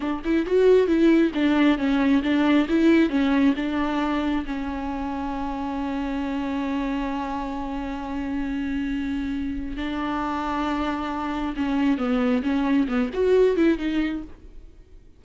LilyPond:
\new Staff \with { instrumentName = "viola" } { \time 4/4 \tempo 4 = 135 d'8 e'8 fis'4 e'4 d'4 | cis'4 d'4 e'4 cis'4 | d'2 cis'2~ | cis'1~ |
cis'1~ | cis'2 d'2~ | d'2 cis'4 b4 | cis'4 b8 fis'4 e'8 dis'4 | }